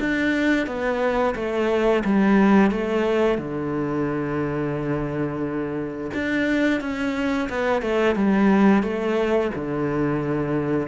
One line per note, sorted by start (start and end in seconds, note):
0.00 0.67 D4
0.67 1.35 B3
1.35 2.03 A3
2.05 2.71 G3
2.71 3.38 A3
3.38 6.11 D3
6.14 6.81 D4
6.81 7.49 C#4
7.49 7.82 B3
7.82 8.15 A3
8.15 8.83 G3
8.83 9.51 A3
9.55 10.88 D3